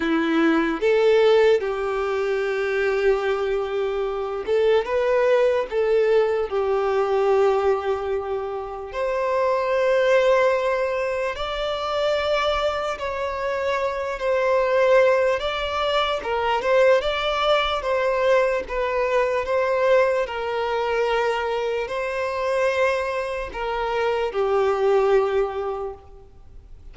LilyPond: \new Staff \with { instrumentName = "violin" } { \time 4/4 \tempo 4 = 74 e'4 a'4 g'2~ | g'4. a'8 b'4 a'4 | g'2. c''4~ | c''2 d''2 |
cis''4. c''4. d''4 | ais'8 c''8 d''4 c''4 b'4 | c''4 ais'2 c''4~ | c''4 ais'4 g'2 | }